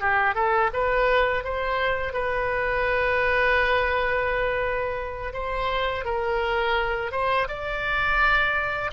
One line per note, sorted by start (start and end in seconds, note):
0.00 0.34 G4
0.34 0.70 A4
0.73 1.44 B4
1.44 2.13 C5
2.13 5.33 B4
5.33 6.05 C5
6.05 7.11 A#4
7.11 7.47 C5
7.48 8.91 D5